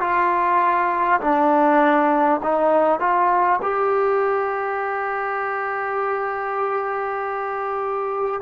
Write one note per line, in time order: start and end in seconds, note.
0.00 1.20 F4
1.21 2.41 D4
2.43 2.99 D#4
2.99 3.59 F4
3.62 8.41 G4